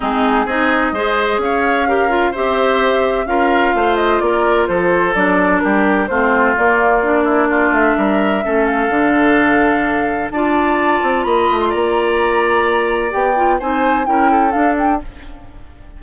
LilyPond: <<
  \new Staff \with { instrumentName = "flute" } { \time 4/4 \tempo 4 = 128 gis'4 dis''2 f''4~ | f''4 e''2 f''4~ | f''8 dis''8 d''4 c''4 d''4 | ais'4 c''4 d''2~ |
d''8 e''2 f''4.~ | f''2 a''2 | b''8. c'''16 ais''2. | g''4 gis''4 g''4 f''8 g''8 | }
  \new Staff \with { instrumentName = "oboe" } { \time 4/4 dis'4 gis'4 c''4 cis''4 | ais'4 c''2 ais'4 | c''4 ais'4 a'2 | g'4 f'2~ f'8 e'8 |
f'4 ais'4 a'2~ | a'2 d''2 | dis''4 d''2.~ | d''4 c''4 ais'8 a'4. | }
  \new Staff \with { instrumentName = "clarinet" } { \time 4/4 c'4 dis'4 gis'2 | g'8 f'8 g'2 f'4~ | f'2. d'4~ | d'4 c'4 ais4 d'4~ |
d'2 cis'4 d'4~ | d'2 f'2~ | f'1 | g'8 f'8 dis'4 e'4 d'4 | }
  \new Staff \with { instrumentName = "bassoon" } { \time 4/4 gis4 c'4 gis4 cis'4~ | cis'4 c'2 cis'4 | a4 ais4 f4 fis4 | g4 a4 ais2~ |
ais8 a8 g4 a4 d4~ | d2 d'4. c'8 | ais8 a8 ais2. | b4 c'4 cis'4 d'4 | }
>>